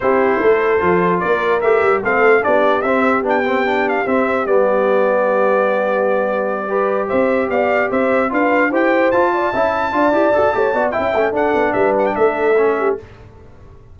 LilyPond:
<<
  \new Staff \with { instrumentName = "trumpet" } { \time 4/4 \tempo 4 = 148 c''2. d''4 | e''4 f''4 d''4 e''4 | g''4. f''8 e''4 d''4~ | d''1~ |
d''4. e''4 f''4 e''8~ | e''8 f''4 g''4 a''4.~ | a''2. g''4 | fis''4 e''8 fis''16 g''16 e''2 | }
  \new Staff \with { instrumentName = "horn" } { \time 4/4 g'4 a'2 ais'4~ | ais'4 a'4 g'2~ | g'1~ | g'1~ |
g'8 b'4 c''4 d''4 c''8~ | c''8 b'4 c''4. d''8 e''8~ | e''8 d''4. cis''8 d''8 e''4 | a'4 b'4 a'4. g'8 | }
  \new Staff \with { instrumentName = "trombone" } { \time 4/4 e'2 f'2 | g'4 c'4 d'4 c'4 | d'8 c'8 d'4 c'4 b4~ | b1~ |
b8 g'2.~ g'8~ | g'8 f'4 g'4 f'4 e'8~ | e'8 f'8 g'8 a'8 g'8 fis'8 e'8 cis'8 | d'2. cis'4 | }
  \new Staff \with { instrumentName = "tuba" } { \time 4/4 c'4 a4 f4 ais4 | a8 g8 a4 b4 c'4 | b2 c'4 g4~ | g1~ |
g4. c'4 b4 c'8~ | c'8 d'4 e'4 f'4 cis'8~ | cis'8 d'8 e'8 fis'8 a8 b8 cis'8 a8 | d'8 b8 g4 a2 | }
>>